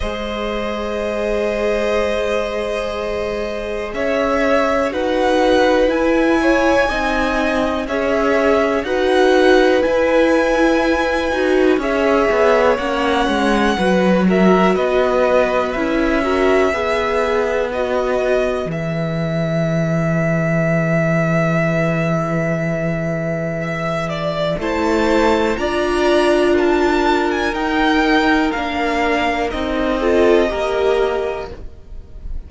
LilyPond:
<<
  \new Staff \with { instrumentName = "violin" } { \time 4/4 \tempo 4 = 61 dis''1 | e''4 fis''4 gis''2 | e''4 fis''4 gis''2 | e''4 fis''4. e''8 dis''4 |
e''2 dis''4 e''4~ | e''1~ | e''4 a''4 ais''4 a''8. gis''16 | g''4 f''4 dis''2 | }
  \new Staff \with { instrumentName = "violin" } { \time 4/4 c''1 | cis''4 b'4. cis''8 dis''4 | cis''4 b'2. | cis''2 b'8 ais'8 b'4~ |
b'8 ais'8 b'2.~ | b'1 | e''8 d''8 c''4 d''4 ais'4~ | ais'2~ ais'8 a'8 ais'4 | }
  \new Staff \with { instrumentName = "viola" } { \time 4/4 gis'1~ | gis'4 fis'4 e'4 dis'4 | gis'4 fis'4 e'4. fis'8 | gis'4 cis'4 fis'2 |
e'8 fis'8 gis'4 fis'4 gis'4~ | gis'1~ | gis'4 e'4 f'2 | dis'4 d'4 dis'8 f'8 g'4 | }
  \new Staff \with { instrumentName = "cello" } { \time 4/4 gis1 | cis'4 dis'4 e'4 c'4 | cis'4 dis'4 e'4. dis'8 | cis'8 b8 ais8 gis8 fis4 b4 |
cis'4 b2 e4~ | e1~ | e4 a4 d'2 | dis'4 ais4 c'4 ais4 | }
>>